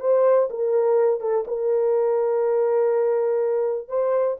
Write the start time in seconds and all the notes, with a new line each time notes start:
0.00 C5
0.50 A#4
1.20 A4
1.47 A#4
3.88 C5